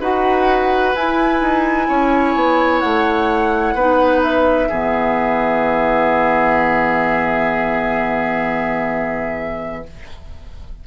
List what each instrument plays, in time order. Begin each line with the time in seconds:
0.00 bassoon D#4, clarinet F#4, oboe B4, flute F#5
0.95 bassoon E4, clarinet E4, flute G#5
1.41 bassoon D#4
1.88 bassoon C#4, oboe C#5
2.35 bassoon B3
2.80 bassoon A3, flute F#5
3.74 bassoon B3, clarinet D#4, oboe B4
4.22 flute E5
4.68 bassoon E3, clarinet B3, oboe G#4